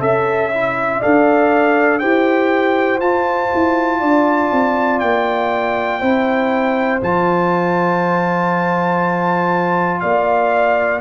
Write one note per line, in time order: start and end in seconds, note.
0.00 1.01 C#4
0.00 0.50 A4
0.00 1.00 E5
0.00 1.02 E5
0.54 1.02 E4
1.00 2.03 D4
1.00 2.02 A4
1.00 2.00 D5
1.00 2.00 F5
2.00 3.00 E4
2.00 3.02 G4
2.00 4.00 C5
2.00 3.00 G5
3.00 3.50 F4
3.00 6.01 F4
3.00 5.00 A5
3.55 4.02 E4
4.00 4.52 D4
4.00 6.00 D5
4.52 5.02 C4
5.00 6.02 A#3
5.00 7.00 G5
6.00 7.02 C4
6.00 7.01 E4
6.00 10.00 C5
7.02 10.03 F3
7.02 11.02 F4
7.02 10.01 A5
10.01 11.02 A#3
10.01 11.02 D5
10.01 11.01 F5